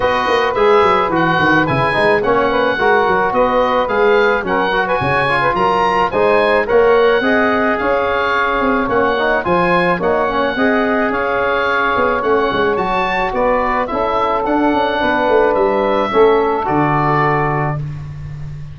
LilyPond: <<
  \new Staff \with { instrumentName = "oboe" } { \time 4/4 \tempo 4 = 108 dis''4 e''4 fis''4 gis''4 | fis''2 dis''4 f''4 | fis''8. gis''4~ gis''16 ais''4 gis''4 | fis''2 f''2 |
fis''4 gis''4 fis''2 | f''2 fis''4 a''4 | d''4 e''4 fis''2 | e''2 d''2 | }
  \new Staff \with { instrumentName = "saxophone" } { \time 4/4 b'1 | cis''8 b'8 ais'4 b'2 | ais'8. b'16 cis''8. b'16 ais'4 c''4 | cis''4 dis''4 cis''2~ |
cis''4 c''4 cis''4 dis''4 | cis''1 | b'4 a'2 b'4~ | b'4 a'2. | }
  \new Staff \with { instrumentName = "trombone" } { \time 4/4 fis'4 gis'4 fis'4 e'8 dis'8 | cis'4 fis'2 gis'4 | cis'8 fis'4 f'4. dis'4 | ais'4 gis'2. |
cis'8 dis'8 f'4 dis'8 cis'8 gis'4~ | gis'2 cis'4 fis'4~ | fis'4 e'4 d'2~ | d'4 cis'4 fis'2 | }
  \new Staff \with { instrumentName = "tuba" } { \time 4/4 b8 ais8 gis8 fis8 e8 dis8 cis8 gis8 | ais4 gis8 fis8 b4 gis4 | fis4 cis4 fis4 gis4 | ais4 c'4 cis'4. c'8 |
ais4 f4 ais4 c'4 | cis'4. b8 a8 gis8 fis4 | b4 cis'4 d'8 cis'8 b8 a8 | g4 a4 d2 | }
>>